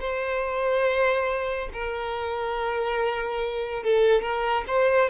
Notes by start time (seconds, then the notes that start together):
0.00 C5
1.73 A#4
3.83 A4
4.22 A#4
4.67 C5